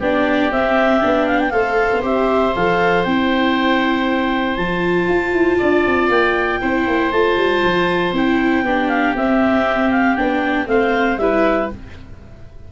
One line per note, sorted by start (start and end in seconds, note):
0.00 0.51 B3
0.00 0.51 D4
0.00 1.53 G4
0.00 0.52 D5
0.51 1.01 C4
0.51 1.03 C4
0.51 1.27 E5
1.01 1.53 B3
1.01 1.52 D4
1.27 1.39 F5
1.39 1.51 G5
1.51 1.91 A3
1.51 2.02 A4
1.51 5.58 C5
1.51 2.01 F5
1.93 2.04 B3
2.02 2.55 C4
2.02 2.53 G4
2.02 2.55 E5
2.55 3.06 F3
2.55 3.07 A4
2.55 3.04 F5
3.04 4.58 C4
3.04 4.59 E4
3.04 4.56 G5
4.56 5.08 F3
4.56 6.62 F4
4.56 6.09 A5
5.08 5.33 F4
5.33 5.58 E4
5.58 5.87 D4
5.58 6.60 D5
5.87 6.09 C4
6.09 6.60 A#3
6.09 7.12 G5
6.61 6.87 C4
6.61 7.13 E4
6.61 8.64 C5
6.87 7.12 A#3
7.12 7.37 A3
7.12 8.15 F4
7.12 8.14 A5
7.37 7.62 G3
7.64 8.12 F3
8.12 8.63 C4
8.12 8.66 E4
8.12 8.89 G5
8.63 9.14 B3
8.63 9.17 D4
8.63 10.68 G4
8.89 9.14 F5
9.15 10.17 C4
9.15 9.91 E5
9.91 10.16 F5
10.16 10.67 B3
10.16 10.66 D4
10.16 10.67 G5
10.66 11.18 A3
10.66 11.17 C4
10.66 11.21 C5
10.66 11.18 F5
11.18 11.69 G3
11.18 11.72 E4
11.18 11.72 B4
11.18 11.69 E5